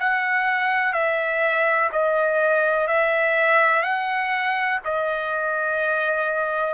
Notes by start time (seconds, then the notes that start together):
0.00 F#5
0.93 E5
1.93 D#5
2.88 E5
3.83 F#5
4.85 D#5